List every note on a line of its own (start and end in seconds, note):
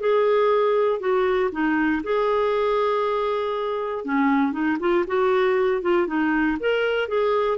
0.00 1.00 G#4
1.00 1.50 F#4
1.51 2.02 D#4
2.03 4.04 G#4
4.04 4.52 C#4
4.52 4.77 D#4
4.80 5.05 F4
5.07 5.81 F#4
5.81 6.07 F4
6.07 6.57 D#4
6.60 7.08 A#4
7.08 7.57 G#4